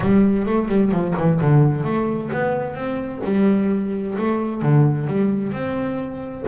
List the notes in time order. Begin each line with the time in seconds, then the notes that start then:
0.00 G3
0.46 A3
0.68 G3
0.91 F3
1.17 E3
1.40 D3
1.83 A3
2.32 B3
2.74 C4
3.24 G3
4.17 A3
4.62 D3
5.07 G3
5.52 C4